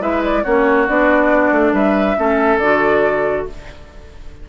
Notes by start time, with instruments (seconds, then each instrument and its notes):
0.00 bassoon G#3, clarinet E4, oboe B4, flute E5
0.23 flute D5
0.43 bassoon A#3, clarinet C#4, oboe F#4, flute C#5
0.87 bassoon B3, clarinet D4, flute D5
1.51 bassoon A3
1.72 bassoon G3, oboe B4, flute E5
2.16 bassoon A3, clarinet C#4, oboe A4
2.58 bassoon D3, clarinet F#4, flute D5